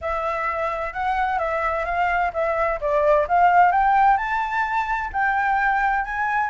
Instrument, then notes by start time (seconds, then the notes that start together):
flute
0.01 E5
0.93 F#5
1.38 E5
1.85 F5
2.33 E5
2.80 D5
3.27 F5
3.71 G5
4.17 A5
5.12 G5
6.05 G#5